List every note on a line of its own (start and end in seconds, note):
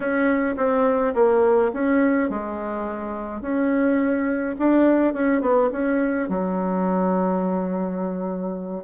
0.00 0.55 C#4
0.56 1.14 C4
1.14 1.71 A#3
1.73 2.29 C#4
2.29 3.41 G#3
3.41 4.55 C#4
4.58 5.13 D4
5.13 5.41 C#4
5.41 5.69 B3
5.72 6.28 C#4
6.28 8.84 F#3